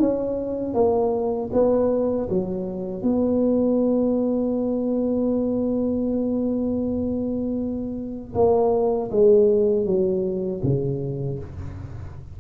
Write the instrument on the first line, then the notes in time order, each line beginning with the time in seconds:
tuba
0.00 C#4
0.75 A#3
1.53 B3
2.30 F#3
3.03 B3
8.35 A#3
9.11 G#3
9.86 F#3
10.64 C#3